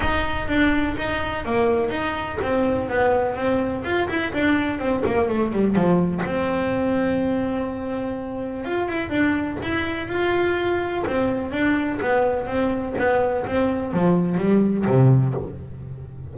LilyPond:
\new Staff \with { instrumentName = "double bass" } { \time 4/4 \tempo 4 = 125 dis'4 d'4 dis'4 ais4 | dis'4 c'4 b4 c'4 | f'8 e'8 d'4 c'8 ais8 a8 g8 | f4 c'2.~ |
c'2 f'8 e'8 d'4 | e'4 f'2 c'4 | d'4 b4 c'4 b4 | c'4 f4 g4 c4 | }